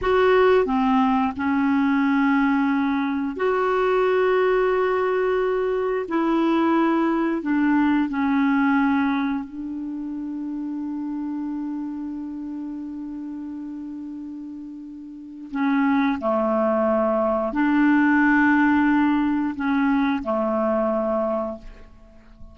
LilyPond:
\new Staff \with { instrumentName = "clarinet" } { \time 4/4 \tempo 4 = 89 fis'4 c'4 cis'2~ | cis'4 fis'2.~ | fis'4 e'2 d'4 | cis'2 d'2~ |
d'1~ | d'2. cis'4 | a2 d'2~ | d'4 cis'4 a2 | }